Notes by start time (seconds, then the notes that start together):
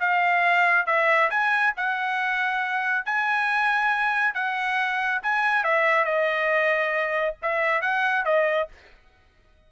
0.00 F5
0.86 E5
1.30 G#5
1.77 F#5
3.06 G#5
4.35 F#5
5.23 G#5
5.64 E5
6.05 D#5
7.42 E5
7.82 F#5
8.25 D#5